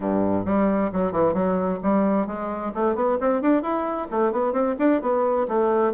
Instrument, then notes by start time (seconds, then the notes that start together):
bassoon
0.00 G2
0.45 G3
0.92 F#3
1.12 E3
1.33 F#3
1.82 G3
2.26 G#3
2.74 A3
2.95 B3
3.20 C4
3.41 D4
3.62 E4
4.10 A3
4.32 B3
4.52 C4
4.78 D4
5.01 B3
5.48 A3